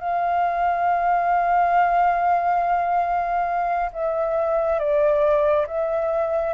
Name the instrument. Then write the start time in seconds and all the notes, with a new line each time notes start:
flute
0.00 F5
3.93 E5
4.79 D5
5.67 E5